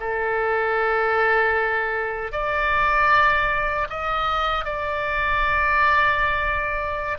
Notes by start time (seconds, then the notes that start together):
0.00 A4
2.32 D5
3.90 D#5
4.65 D5